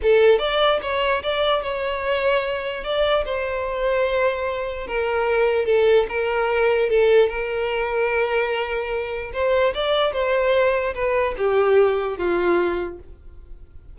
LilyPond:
\new Staff \with { instrumentName = "violin" } { \time 4/4 \tempo 4 = 148 a'4 d''4 cis''4 d''4 | cis''2. d''4 | c''1 | ais'2 a'4 ais'4~ |
ais'4 a'4 ais'2~ | ais'2. c''4 | d''4 c''2 b'4 | g'2 f'2 | }